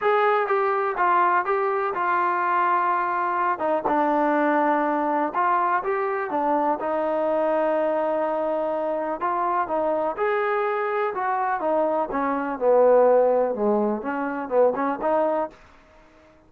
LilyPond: \new Staff \with { instrumentName = "trombone" } { \time 4/4 \tempo 4 = 124 gis'4 g'4 f'4 g'4 | f'2.~ f'8 dis'8 | d'2. f'4 | g'4 d'4 dis'2~ |
dis'2. f'4 | dis'4 gis'2 fis'4 | dis'4 cis'4 b2 | gis4 cis'4 b8 cis'8 dis'4 | }